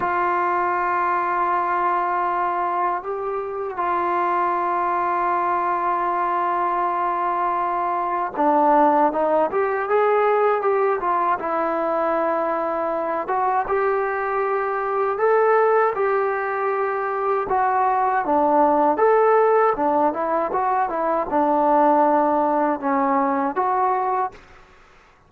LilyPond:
\new Staff \with { instrumentName = "trombone" } { \time 4/4 \tempo 4 = 79 f'1 | g'4 f'2.~ | f'2. d'4 | dis'8 g'8 gis'4 g'8 f'8 e'4~ |
e'4. fis'8 g'2 | a'4 g'2 fis'4 | d'4 a'4 d'8 e'8 fis'8 e'8 | d'2 cis'4 fis'4 | }